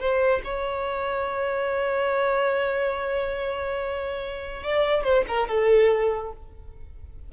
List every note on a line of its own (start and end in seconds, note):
0.00 0.42 C5
0.45 4.63 C#5
4.63 5.04 D5
5.04 5.25 C5
5.28 5.49 A#4
5.49 6.32 A4